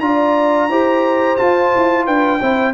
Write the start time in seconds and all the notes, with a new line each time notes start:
0.00 D4 F4 D5 A#5
0.69 E4 G4 C5
1.37 F4 A5
1.76 E4
2.06 D4 B4 G5
2.40 C4 E4 C5